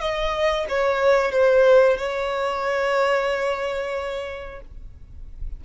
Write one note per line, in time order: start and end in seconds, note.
0.00 0.66 D#5
0.68 1.32 C#5
1.32 1.97 C5
1.97 4.61 C#5